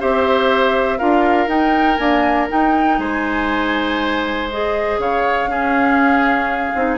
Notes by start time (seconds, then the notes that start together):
0.00 C4 G4 C5 E5
0.99 D4 F4 A#4 F5
1.47 D#4 G5
1.97 A#3 D4 G#5
2.49 D#4 G5
2.99 G#3 C5 G#5
4.50 G#4 D#5
4.98 C#3 C#5 F5
5.47 C#4 G#4
6.75 C4 D#4